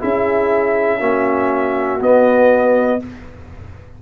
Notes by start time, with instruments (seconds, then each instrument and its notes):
0.00 tuba C#4, trombone E4, horn G#4, trumpet E5
0.99 tuba A#3, trombone C#4, horn F#4
2.00 trombone B3, tuba B3, trumpet D#5